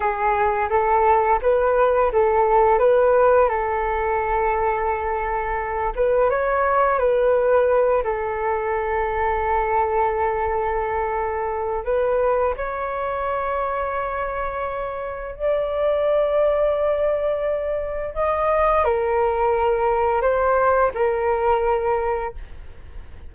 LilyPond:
\new Staff \with { instrumentName = "flute" } { \time 4/4 \tempo 4 = 86 gis'4 a'4 b'4 a'4 | b'4 a'2.~ | a'8 b'8 cis''4 b'4. a'8~ | a'1~ |
a'4 b'4 cis''2~ | cis''2 d''2~ | d''2 dis''4 ais'4~ | ais'4 c''4 ais'2 | }